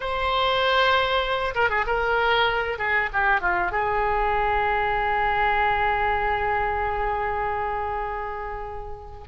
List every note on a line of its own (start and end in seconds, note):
0.00 1.54 C5
1.55 1.69 A#4
1.69 1.85 G#4
1.86 2.78 A#4
2.78 3.09 G#4
3.12 3.40 G4
3.40 3.71 F4
3.71 9.28 G#4